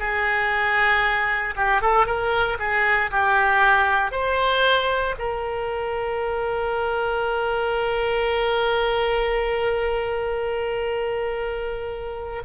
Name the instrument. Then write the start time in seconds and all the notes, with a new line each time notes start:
oboe
0.00 G#4
1.56 G4
1.82 A4
2.06 A#4
2.60 G#4
3.11 G4
4.12 C5
5.19 A#4